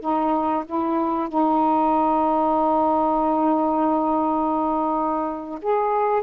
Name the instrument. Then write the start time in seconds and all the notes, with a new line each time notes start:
saxophone
0.00 D#4
0.65 E4
1.28 D#4
5.61 G#4